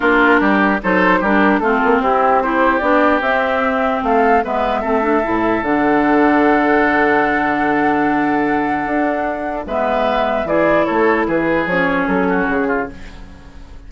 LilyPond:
<<
  \new Staff \with { instrumentName = "flute" } { \time 4/4 \tempo 4 = 149 ais'2 c''4 ais'4 | a'4 g'4 c''4 d''4 | e''2 f''4 e''4~ | e''2 fis''2~ |
fis''1~ | fis''1 | e''2 d''4 cis''4 | b'4 cis''4 a'4 gis'4 | }
  \new Staff \with { instrumentName = "oboe" } { \time 4/4 f'4 g'4 a'4 g'4 | f'4 e'4 g'2~ | g'2 a'4 b'4 | a'1~ |
a'1~ | a'1 | b'2 gis'4 a'4 | gis'2~ gis'8 fis'4 f'8 | }
  \new Staff \with { instrumentName = "clarinet" } { \time 4/4 d'2 dis'4 d'4 | c'2 e'4 d'4 | c'2. b4 | c'8 d'8 e'4 d'2~ |
d'1~ | d'1 | b2 e'2~ | e'4 cis'2. | }
  \new Staff \with { instrumentName = "bassoon" } { \time 4/4 ais4 g4 fis4 g4 | a8 ais8 c'2 b4 | c'2 a4 gis4 | a4 a,4 d2~ |
d1~ | d2 d'2 | gis2 e4 a4 | e4 f4 fis4 cis4 | }
>>